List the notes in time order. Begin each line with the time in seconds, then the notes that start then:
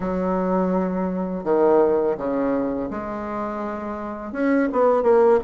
0.00 F#3
1.44 D#3
2.17 C#3
2.90 G#3
4.32 C#4
4.72 B3
5.02 A#3